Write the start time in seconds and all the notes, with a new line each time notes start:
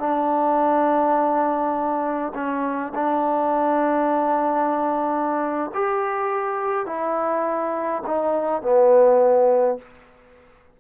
0.00 D4
2.35 C#4
2.95 D4
5.74 G4
6.86 E4
8.07 D#4
8.62 B3